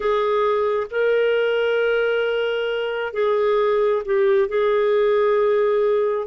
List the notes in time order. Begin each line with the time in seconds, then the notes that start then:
0.00 G#4
0.90 A#4
3.13 G#4
4.05 G4
4.48 G#4